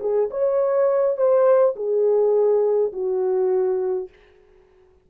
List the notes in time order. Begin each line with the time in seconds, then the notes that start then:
0.00 G#4
0.30 C#5
1.17 C5
1.76 G#4
2.93 F#4